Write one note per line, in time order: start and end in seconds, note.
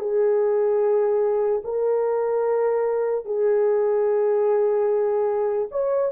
0.00 1.62 G#4
1.64 3.25 A#4
3.25 5.69 G#4
5.72 6.12 C#5